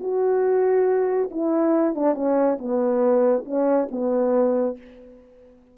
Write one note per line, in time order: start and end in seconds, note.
0.00 1.29 F#4
1.31 1.95 E4
1.95 2.14 D4
2.14 2.58 C#4
2.58 3.45 B3
3.45 3.88 C#4
3.91 4.77 B3